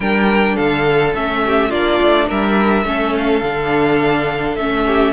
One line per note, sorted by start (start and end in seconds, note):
0.00 0.57 G3
0.00 1.15 D4
0.00 0.55 A#4
0.00 0.56 G5
0.55 1.14 D3
0.55 1.40 A4
0.55 1.13 F5
1.14 1.71 A3
1.14 1.71 C#4
1.14 1.70 E5
1.45 1.69 G4
1.69 2.00 A#3
1.69 2.85 D4
1.69 2.26 F4
1.69 2.27 D5
2.01 2.30 A3
2.27 2.84 G3
2.27 2.84 A#4
2.27 3.16 E5
2.84 3.41 A3
2.84 3.42 C#4
2.84 4.86 A4
3.16 4.55 F5
3.42 4.56 D3
3.42 4.57 D4
4.55 5.12 A3
4.55 5.12 C#4
4.55 5.12 E5
4.86 5.12 G4